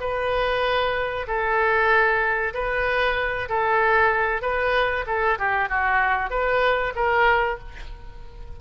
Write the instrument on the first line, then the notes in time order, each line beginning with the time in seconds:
oboe
0.00 B4
1.27 A4
2.54 B4
3.49 A4
4.42 B4
5.07 A4
5.39 G4
5.69 F#4
6.30 B4
6.95 A#4